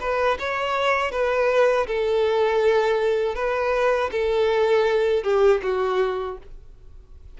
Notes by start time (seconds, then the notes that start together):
0.00 B4
0.39 C#5
1.11 B4
1.87 A4
3.35 B4
4.11 A4
5.23 G4
5.62 F#4